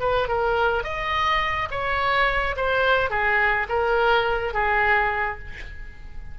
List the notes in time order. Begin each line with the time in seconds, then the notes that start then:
0.00 B4
0.28 A#4
0.83 D#5
1.71 C#5
2.56 C5
3.10 G#4
3.69 A#4
4.54 G#4